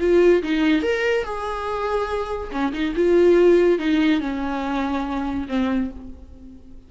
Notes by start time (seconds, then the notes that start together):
0.00 F4
0.42 D#4
0.82 A#4
1.24 G#4
2.51 C#4
2.73 D#4
2.96 F4
3.79 D#4
4.20 C#4
5.48 C4